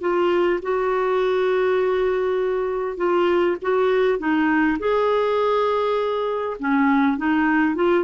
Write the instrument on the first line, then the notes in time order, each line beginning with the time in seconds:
clarinet
0.00 F4
0.62 F#4
2.97 F4
3.61 F#4
4.18 D#4
4.78 G#4
6.59 C#4
7.17 D#4
7.74 F4